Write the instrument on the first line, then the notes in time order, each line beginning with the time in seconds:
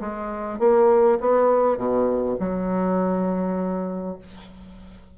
bassoon
0.00 G#3
0.59 A#3
1.20 B3
1.77 B2
2.39 F#3